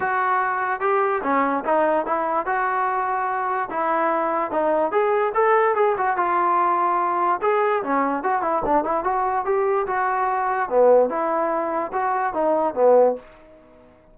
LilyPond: \new Staff \with { instrumentName = "trombone" } { \time 4/4 \tempo 4 = 146 fis'2 g'4 cis'4 | dis'4 e'4 fis'2~ | fis'4 e'2 dis'4 | gis'4 a'4 gis'8 fis'8 f'4~ |
f'2 gis'4 cis'4 | fis'8 e'8 d'8 e'8 fis'4 g'4 | fis'2 b4 e'4~ | e'4 fis'4 dis'4 b4 | }